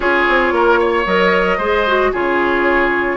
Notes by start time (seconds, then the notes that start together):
0.00 C#4 F4 G#4 C#5
0.28 C4
0.51 A#3 A#4
0.79 C#5
1.05 F#3 A#4 D#5
1.57 G#3 G#4 C5
1.87 F#4
2.12 C#3 F4 G#4 C#5